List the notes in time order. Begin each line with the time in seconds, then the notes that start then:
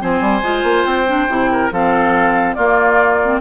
0.00 F3 C4 C5 G#5
0.21 G3
0.43 G#3 F4
0.63 A#3
0.85 C4 G5
1.07 D4
1.28 C3 E4
1.52 A#4
1.72 F3 C4 A4 F5
2.54 A#3 F4 D5
3.23 C4